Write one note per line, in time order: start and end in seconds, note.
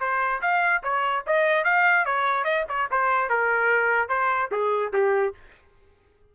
0.00 0.41 C5
0.42 0.83 F5
0.83 1.25 C#5
1.27 1.65 D#5
1.65 2.06 F5
2.06 2.45 C#5
2.45 2.65 D#5
2.69 2.90 C#5
2.91 3.30 C5
3.30 4.09 A#4
4.09 4.50 C5
4.52 4.93 G#4
4.93 5.34 G4